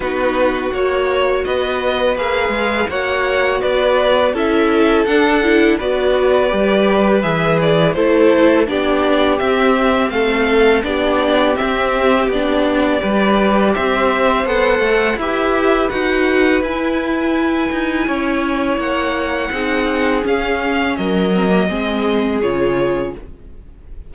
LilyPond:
<<
  \new Staff \with { instrumentName = "violin" } { \time 4/4 \tempo 4 = 83 b'4 cis''4 dis''4 f''4 | fis''4 d''4 e''4 fis''4 | d''2 e''8 d''8 c''4 | d''4 e''4 f''4 d''4 |
e''4 d''2 e''4 | fis''4 e''4 fis''4 gis''4~ | gis''2 fis''2 | f''4 dis''2 cis''4 | }
  \new Staff \with { instrumentName = "violin" } { \time 4/4 fis'2 b'2 | cis''4 b'4 a'2 | b'2. a'4 | g'2 a'4 g'4~ |
g'2 b'4 c''4~ | c''4 b'2.~ | b'4 cis''2 gis'4~ | gis'4 ais'4 gis'2 | }
  \new Staff \with { instrumentName = "viola" } { \time 4/4 dis'4 fis'2 gis'4 | fis'2 e'4 d'8 e'8 | fis'4 g'4 gis'4 e'4 | d'4 c'2 d'4 |
c'4 d'4 g'2 | a'4 g'4 fis'4 e'4~ | e'2. dis'4 | cis'4. c'16 ais16 c'4 f'4 | }
  \new Staff \with { instrumentName = "cello" } { \time 4/4 b4 ais4 b4 ais8 gis8 | ais4 b4 cis'4 d'4 | b4 g4 e4 a4 | b4 c'4 a4 b4 |
c'4 b4 g4 c'4 | b8 a8 e'4 dis'4 e'4~ | e'8 dis'8 cis'4 ais4 c'4 | cis'4 fis4 gis4 cis4 | }
>>